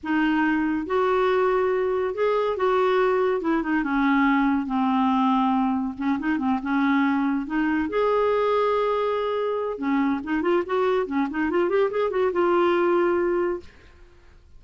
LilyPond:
\new Staff \with { instrumentName = "clarinet" } { \time 4/4 \tempo 4 = 141 dis'2 fis'2~ | fis'4 gis'4 fis'2 | e'8 dis'8 cis'2 c'4~ | c'2 cis'8 dis'8 c'8 cis'8~ |
cis'4. dis'4 gis'4.~ | gis'2. cis'4 | dis'8 f'8 fis'4 cis'8 dis'8 f'8 g'8 | gis'8 fis'8 f'2. | }